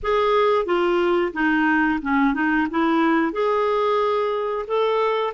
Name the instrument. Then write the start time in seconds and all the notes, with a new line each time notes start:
clarinet
0.02 G#4
0.65 F4
1.33 D#4
2.02 C#4
2.33 D#4
2.70 E4
3.32 G#4
4.67 A4